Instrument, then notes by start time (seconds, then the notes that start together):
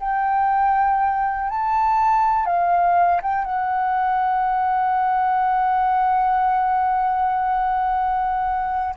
flute
0.00 G5
1.50 A5
2.46 F5
3.22 G5
3.45 F#5